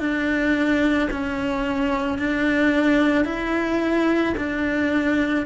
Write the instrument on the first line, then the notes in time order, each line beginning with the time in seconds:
cello
0.00 D4
1.11 C#4
2.19 D4
3.25 E4
4.37 D4